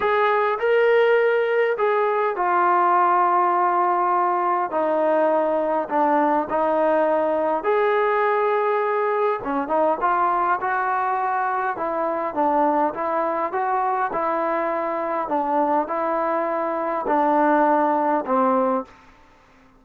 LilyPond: \new Staff \with { instrumentName = "trombone" } { \time 4/4 \tempo 4 = 102 gis'4 ais'2 gis'4 | f'1 | dis'2 d'4 dis'4~ | dis'4 gis'2. |
cis'8 dis'8 f'4 fis'2 | e'4 d'4 e'4 fis'4 | e'2 d'4 e'4~ | e'4 d'2 c'4 | }